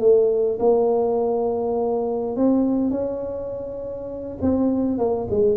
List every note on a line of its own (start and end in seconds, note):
0.00 0.59 A3
0.60 2.36 A#3
2.37 2.91 C4
2.91 4.38 C#4
4.42 4.98 C4
4.98 5.28 A#3
5.30 5.57 G#3